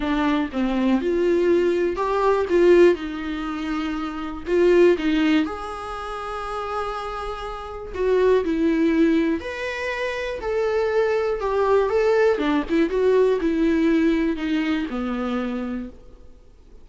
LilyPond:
\new Staff \with { instrumentName = "viola" } { \time 4/4 \tempo 4 = 121 d'4 c'4 f'2 | g'4 f'4 dis'2~ | dis'4 f'4 dis'4 gis'4~ | gis'1 |
fis'4 e'2 b'4~ | b'4 a'2 g'4 | a'4 d'8 e'8 fis'4 e'4~ | e'4 dis'4 b2 | }